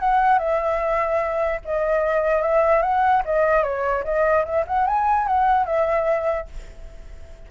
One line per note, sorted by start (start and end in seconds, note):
0.00 0.39 F#5
0.39 1.61 E5
1.65 2.42 D#5
2.42 2.82 E5
2.82 3.23 F#5
3.25 3.64 D#5
3.64 4.04 C#5
4.04 4.45 D#5
4.45 4.65 E5
4.67 4.87 F#5
4.87 5.27 G#5
5.27 5.66 F#5
5.66 6.47 E5